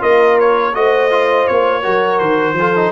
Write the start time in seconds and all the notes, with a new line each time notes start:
0.00 A#3 F4 A#4 D#5
0.40 C#5
0.74 A3 F#4 C5 D#5
1.11 F4
1.48 A#3 C#5
1.82 F#3 F#4 A#4
2.19 D#3 C5
2.54 F3 A4
2.60 F4
2.76 D#4